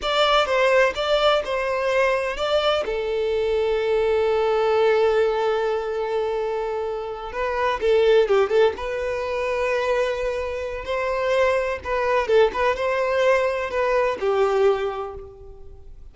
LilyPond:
\new Staff \with { instrumentName = "violin" } { \time 4/4 \tempo 4 = 127 d''4 c''4 d''4 c''4~ | c''4 d''4 a'2~ | a'1~ | a'2.~ a'8 b'8~ |
b'8 a'4 g'8 a'8 b'4.~ | b'2. c''4~ | c''4 b'4 a'8 b'8 c''4~ | c''4 b'4 g'2 | }